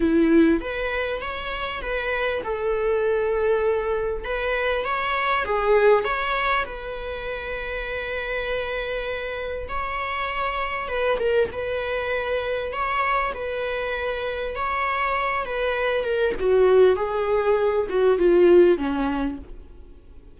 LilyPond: \new Staff \with { instrumentName = "viola" } { \time 4/4 \tempo 4 = 99 e'4 b'4 cis''4 b'4 | a'2. b'4 | cis''4 gis'4 cis''4 b'4~ | b'1 |
cis''2 b'8 ais'8 b'4~ | b'4 cis''4 b'2 | cis''4. b'4 ais'8 fis'4 | gis'4. fis'8 f'4 cis'4 | }